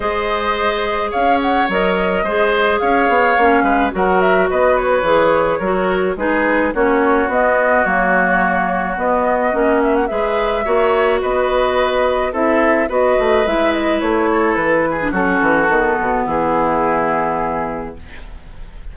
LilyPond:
<<
  \new Staff \with { instrumentName = "flute" } { \time 4/4 \tempo 4 = 107 dis''2 f''8 fis''8 dis''4~ | dis''4 f''2 fis''8 e''8 | dis''8 cis''2~ cis''8 b'4 | cis''4 dis''4 cis''2 |
dis''4. e''16 fis''16 e''2 | dis''2 e''4 dis''4 | e''8 dis''8 cis''4 b'4 a'4~ | a'4 gis'2. | }
  \new Staff \with { instrumentName = "oboe" } { \time 4/4 c''2 cis''2 | c''4 cis''4. b'8 ais'4 | b'2 ais'4 gis'4 | fis'1~ |
fis'2 b'4 cis''4 | b'2 a'4 b'4~ | b'4. a'4 gis'8 fis'4~ | fis'4 e'2. | }
  \new Staff \with { instrumentName = "clarinet" } { \time 4/4 gis'2. ais'4 | gis'2 cis'4 fis'4~ | fis'4 gis'4 fis'4 dis'4 | cis'4 b4 ais2 |
b4 cis'4 gis'4 fis'4~ | fis'2 e'4 fis'4 | e'2~ e'8. d'16 cis'4 | b1 | }
  \new Staff \with { instrumentName = "bassoon" } { \time 4/4 gis2 cis'4 fis4 | gis4 cis'8 b8 ais8 gis8 fis4 | b4 e4 fis4 gis4 | ais4 b4 fis2 |
b4 ais4 gis4 ais4 | b2 c'4 b8 a8 | gis4 a4 e4 fis8 e8 | dis8 b,8 e2. | }
>>